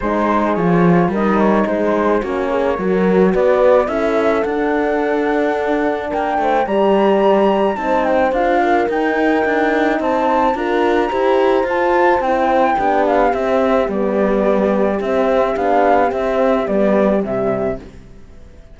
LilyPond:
<<
  \new Staff \with { instrumentName = "flute" } { \time 4/4 \tempo 4 = 108 c''4 cis''4 dis''8 cis''8 c''4 | cis''2 d''4 e''4 | fis''2. g''4 | ais''2 a''8 g''8 f''4 |
g''2 a''4 ais''4~ | ais''4 a''4 g''4. f''8 | e''4 d''2 e''4 | f''4 e''4 d''4 e''4 | }
  \new Staff \with { instrumentName = "horn" } { \time 4/4 gis'2 ais'4 gis'4 | fis'8 gis'8 ais'4 b'4 a'4~ | a'2. ais'8 c''8 | d''2 c''4. ais'8~ |
ais'2 c''4 ais'4 | c''2. g'4~ | g'1~ | g'1 | }
  \new Staff \with { instrumentName = "horn" } { \time 4/4 dis'4 f'4 dis'2 | cis'4 fis'2 e'4 | d'1 | g'2 dis'4 f'4 |
dis'2. f'4 | g'4 f'4 e'4 d'4 | c'4 b2 c'4 | d'4 c'4 b4 g4 | }
  \new Staff \with { instrumentName = "cello" } { \time 4/4 gis4 f4 g4 gis4 | ais4 fis4 b4 cis'4 | d'2. ais8 a8 | g2 c'4 d'4 |
dis'4 d'4 c'4 d'4 | e'4 f'4 c'4 b4 | c'4 g2 c'4 | b4 c'4 g4 c4 | }
>>